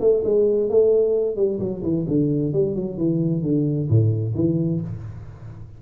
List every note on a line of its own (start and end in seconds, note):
0.00 0.23 A3
0.24 0.69 G#3
0.69 1.36 A3
1.36 1.59 G3
1.59 1.82 F#3
1.82 2.05 E3
2.08 2.53 D3
2.53 2.75 G3
2.75 2.97 F#3
2.97 3.42 E3
3.42 3.88 D3
3.89 4.34 A2
4.35 4.81 E3